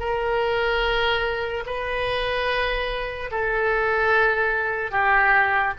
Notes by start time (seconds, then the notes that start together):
0.00 A#4
1.66 B4
3.31 A4
4.91 G4